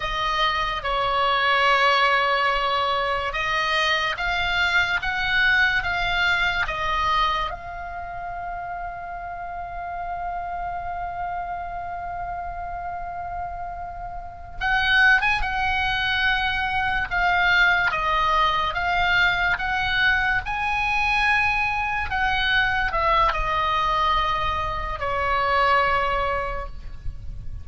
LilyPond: \new Staff \with { instrumentName = "oboe" } { \time 4/4 \tempo 4 = 72 dis''4 cis''2. | dis''4 f''4 fis''4 f''4 | dis''4 f''2.~ | f''1~ |
f''4. fis''8. gis''16 fis''4.~ | fis''8 f''4 dis''4 f''4 fis''8~ | fis''8 gis''2 fis''4 e''8 | dis''2 cis''2 | }